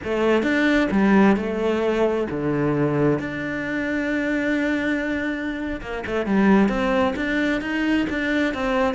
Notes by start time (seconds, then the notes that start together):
0.03 A3
0.43 D4
0.91 G3
1.36 A3
2.30 D3
3.19 D4
5.81 A#3
6.06 A3
6.26 G3
6.68 C4
7.15 D4
7.61 D#4
8.09 D4
8.54 C4